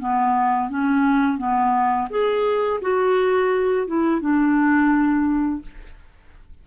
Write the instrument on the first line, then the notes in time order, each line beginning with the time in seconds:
clarinet
0.00 B3
0.70 C#4
1.38 B3
2.10 G#4
2.82 F#4
3.88 E4
4.21 D4